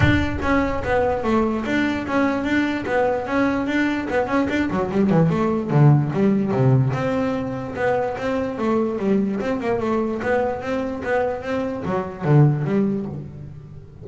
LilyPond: \new Staff \with { instrumentName = "double bass" } { \time 4/4 \tempo 4 = 147 d'4 cis'4 b4 a4 | d'4 cis'4 d'4 b4 | cis'4 d'4 b8 cis'8 d'8 fis8 | g8 e8 a4 d4 g4 |
c4 c'2 b4 | c'4 a4 g4 c'8 ais8 | a4 b4 c'4 b4 | c'4 fis4 d4 g4 | }